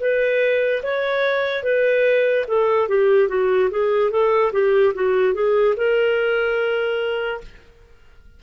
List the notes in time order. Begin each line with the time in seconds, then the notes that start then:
0.00 B4
0.83 C#5
1.63 B4
2.47 A4
2.88 G4
3.28 F#4
3.71 G#4
4.11 A4
4.52 G4
4.94 F#4
5.34 G#4
5.76 A#4